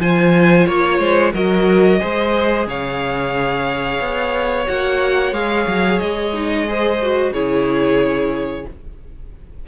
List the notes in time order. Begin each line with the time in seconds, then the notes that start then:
0.00 F3 F4 C5 G#5
0.67 A#3 C#5
1.00 G#3 C5
1.33 F#3 F#4 A#4 D#5
2.00 G#3 G#4 C5
2.67 C#3 C#5 F5
4.00 B3
4.67 A#3 F#4 F#5
5.32 G#3 G#4 F5
5.67 F#3
6.00 G#3 D#5
6.34 D#4
6.68 G#4 C5
7.02 F#4
7.32 C#3 E4 G#4 C#5